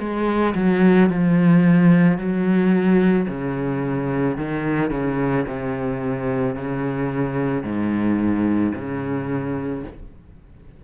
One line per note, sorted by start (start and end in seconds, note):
0.00 0.55 G#3
0.56 1.10 F#3
1.10 2.19 F3
2.19 3.28 F#3
3.29 4.38 C#3
4.38 4.91 D#3
4.91 5.46 C#3
5.47 6.56 C3
6.56 7.64 C#3
7.64 8.73 G#2
8.75 9.84 C#3